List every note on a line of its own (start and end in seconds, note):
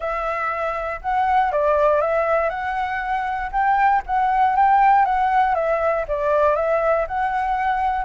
0.00 1.00 E5
1.01 1.51 F#5
1.51 2.01 D5
2.01 2.49 E5
2.49 3.50 F#5
3.52 4.02 G5
4.06 4.56 F#5
4.56 5.05 G5
5.05 5.54 F#5
5.54 6.05 E5
6.08 6.55 D5
6.55 7.05 E5
7.07 8.04 F#5